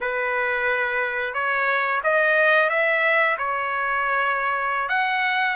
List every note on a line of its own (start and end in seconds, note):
0.00 1.33 B4
1.33 2.01 C#5
2.03 2.69 D#5
2.69 3.37 E5
3.38 4.88 C#5
4.88 5.56 F#5